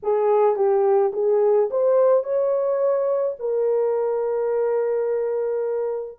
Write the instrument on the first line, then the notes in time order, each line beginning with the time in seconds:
horn
0.03 G#4
0.56 G4
1.13 G#4
1.70 C5
2.23 C#5
3.39 A#4